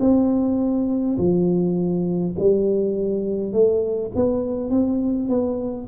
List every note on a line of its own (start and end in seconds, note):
0.00 1.18 C4
1.18 2.36 F3
2.40 3.53 G3
3.53 4.12 A3
4.16 4.71 B3
4.71 5.29 C4
5.29 5.88 B3